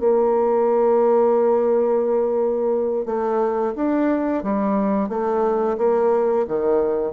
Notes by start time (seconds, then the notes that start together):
0.00 A#3
3.06 A3
3.76 D4
4.43 G3
5.09 A3
5.78 A#3
6.48 D#3